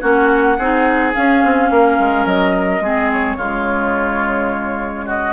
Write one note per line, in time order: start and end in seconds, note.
0.00 0.58 A#3
0.00 0.57 C#4
0.00 0.57 F#4
0.00 1.12 F#5
0.58 1.14 C4
0.58 1.13 D#4
0.58 1.70 G#4
1.13 2.81 C#4
1.13 1.44 C#4
1.13 2.26 F5
1.44 1.70 C4
1.70 1.98 A#3
1.70 2.83 A#4
1.99 2.25 G#3
2.25 2.80 F#3
2.25 3.10 D#5
2.80 3.36 G#3
2.80 3.38 C4
2.80 3.37 G#4
3.12 5.08 C#5
3.37 5.33 C#3
3.37 5.33 G#3
3.37 5.05 F4
5.05 5.33 F#4
5.05 5.33 D#5